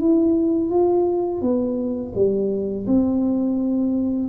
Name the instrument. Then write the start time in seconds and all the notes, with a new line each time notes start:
tuba
0.00 E4
0.70 F4
1.42 B3
2.15 G3
2.87 C4